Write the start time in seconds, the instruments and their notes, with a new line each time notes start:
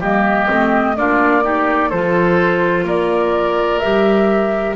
0.00 double bass G3, clarinet A#3, oboe G4, flute D#5
0.48 double bass A3, clarinet C4
0.97 double bass A#3, clarinet D4, oboe F4, flute D5
1.43 clarinet D#4, oboe G4
1.90 double bass F3, clarinet F4, oboe A4, flute C5
2.84 double bass A#3, oboe A#4, flute D5
3.80 double bass G3, clarinet G4, flute E5